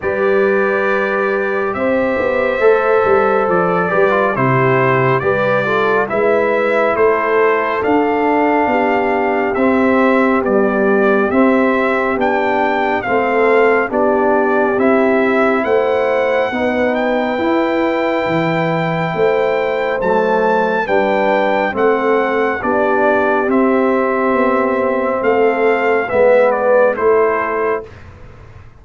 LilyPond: <<
  \new Staff \with { instrumentName = "trumpet" } { \time 4/4 \tempo 4 = 69 d''2 e''2 | d''4 c''4 d''4 e''4 | c''4 f''2 e''4 | d''4 e''4 g''4 f''4 |
d''4 e''4 fis''4. g''8~ | g''2. a''4 | g''4 fis''4 d''4 e''4~ | e''4 f''4 e''8 d''8 c''4 | }
  \new Staff \with { instrumentName = "horn" } { \time 4/4 b'2 c''2~ | c''8 b'8 g'4 b'8 a'8 b'4 | a'2 g'2~ | g'2. a'4 |
g'2 c''4 b'4~ | b'2 c''2 | b'4 a'4 g'2~ | g'4 a'4 b'4 a'4 | }
  \new Staff \with { instrumentName = "trombone" } { \time 4/4 g'2. a'4~ | a'8 g'16 f'16 e'4 g'8 f'8 e'4~ | e'4 d'2 c'4 | g4 c'4 d'4 c'4 |
d'4 e'2 dis'4 | e'2. a4 | d'4 c'4 d'4 c'4~ | c'2 b4 e'4 | }
  \new Staff \with { instrumentName = "tuba" } { \time 4/4 g2 c'8 b8 a8 g8 | f8 g8 c4 g4 gis4 | a4 d'4 b4 c'4 | b4 c'4 b4 a4 |
b4 c'4 a4 b4 | e'4 e4 a4 fis4 | g4 a4 b4 c'4 | b4 a4 gis4 a4 | }
>>